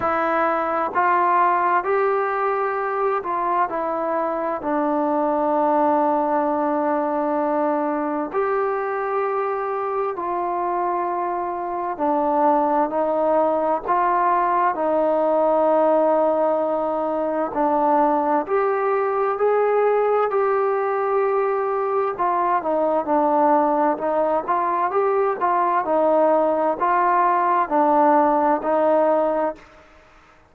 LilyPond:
\new Staff \with { instrumentName = "trombone" } { \time 4/4 \tempo 4 = 65 e'4 f'4 g'4. f'8 | e'4 d'2.~ | d'4 g'2 f'4~ | f'4 d'4 dis'4 f'4 |
dis'2. d'4 | g'4 gis'4 g'2 | f'8 dis'8 d'4 dis'8 f'8 g'8 f'8 | dis'4 f'4 d'4 dis'4 | }